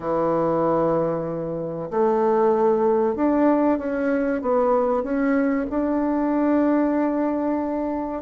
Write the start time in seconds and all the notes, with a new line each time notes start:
0.00 E3
1.90 A3
3.15 D4
3.78 C#4
4.41 B3
5.03 C#4
5.70 D4